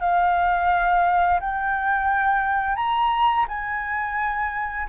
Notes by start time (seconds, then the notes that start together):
0.00 F5
1.40 G5
2.76 A#5
3.48 G#5